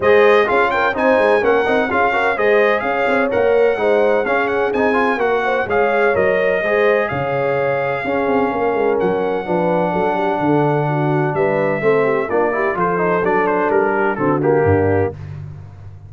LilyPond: <<
  \new Staff \with { instrumentName = "trumpet" } { \time 4/4 \tempo 4 = 127 dis''4 f''8 g''8 gis''4 fis''4 | f''4 dis''4 f''4 fis''4~ | fis''4 f''8 fis''8 gis''4 fis''4 | f''4 dis''2 f''4~ |
f''2. fis''4~ | fis''1 | e''2 d''4 c''4 | d''8 c''8 ais'4 a'8 g'4. | }
  \new Staff \with { instrumentName = "horn" } { \time 4/4 c''4 gis'8 ais'8 c''4 ais'4 | gis'8 ais'8 c''4 cis''2 | c''4 gis'2 ais'8 c''8 | cis''2 c''4 cis''4~ |
cis''4 gis'4 ais'2 | b'4 a'8 g'8 a'4 fis'4 | b'4 a'8 g'8 f'8 g'8 a'4~ | a'4. g'8 fis'4 d'4 | }
  \new Staff \with { instrumentName = "trombone" } { \time 4/4 gis'4 f'4 dis'4 cis'8 dis'8 | f'8 fis'8 gis'2 ais'4 | dis'4 cis'4 dis'8 f'8 fis'4 | gis'4 ais'4 gis'2~ |
gis'4 cis'2. | d'1~ | d'4 c'4 d'8 e'8 f'8 dis'8 | d'2 c'8 ais4. | }
  \new Staff \with { instrumentName = "tuba" } { \time 4/4 gis4 cis'4 c'8 gis8 ais8 c'8 | cis'4 gis4 cis'8 c'8 ais4 | gis4 cis'4 c'4 ais4 | gis4 fis4 gis4 cis4~ |
cis4 cis'8 c'8 ais8 gis8 fis4 | f4 fis4 d2 | g4 a4 ais4 f4 | fis4 g4 d4 g,4 | }
>>